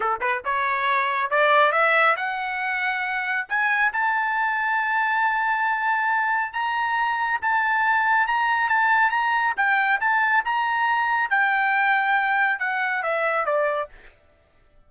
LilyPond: \new Staff \with { instrumentName = "trumpet" } { \time 4/4 \tempo 4 = 138 a'8 b'8 cis''2 d''4 | e''4 fis''2. | gis''4 a''2.~ | a''2. ais''4~ |
ais''4 a''2 ais''4 | a''4 ais''4 g''4 a''4 | ais''2 g''2~ | g''4 fis''4 e''4 d''4 | }